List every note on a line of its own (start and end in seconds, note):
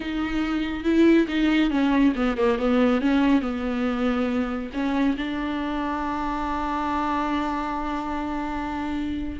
0.00 0.84 D#4
0.84 1.26 E4
1.28 1.70 D#4
1.70 2.13 C#4
2.15 2.37 B3
2.37 2.58 A#3
2.58 3.01 B3
3.01 3.41 C#4
3.41 4.70 B3
4.73 5.16 C#4
5.17 9.40 D4